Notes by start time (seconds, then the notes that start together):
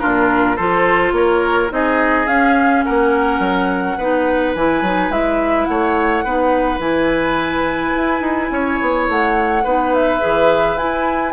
0.00 A#2 D4 F4 A#4
0.56 F3 F4 A4 C5
1.12 A#3 A#4 C#5
1.70 C4 D#4 G#4 D#5
2.27 C#4 F5
2.85 A#3 A#4 F#5
3.40 F#3
3.98 B3 D#4 B4
4.55 E3 E4 G#5
4.82 F#3 D#4
5.10 G#3 E4 E5
5.66 A3 C#5 F#5
6.25 B3 D#4 B4
6.79 E3 E4 G#5
7.97 E4
8.21 D#4
8.51 C#4 C#5
8.82 B3
9.09 A3 F#5
9.64 B3 D#4 B4
9.94 E5
10.20 E3 G#4
10.77 E4 G#5